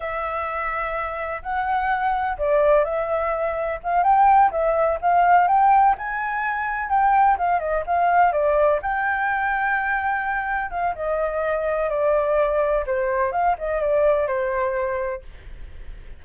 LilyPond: \new Staff \with { instrumentName = "flute" } { \time 4/4 \tempo 4 = 126 e''2. fis''4~ | fis''4 d''4 e''2 | f''8 g''4 e''4 f''4 g''8~ | g''8 gis''2 g''4 f''8 |
dis''8 f''4 d''4 g''4.~ | g''2~ g''8 f''8 dis''4~ | dis''4 d''2 c''4 | f''8 dis''8 d''4 c''2 | }